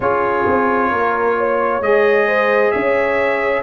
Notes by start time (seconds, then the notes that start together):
0.00 C#4 F4 G#4 C#5
0.46 C4
0.90 A#3 A#4
1.37 C#5
1.80 G#3 G#4 D#5
2.27 C5
2.71 C#4 C#5 E5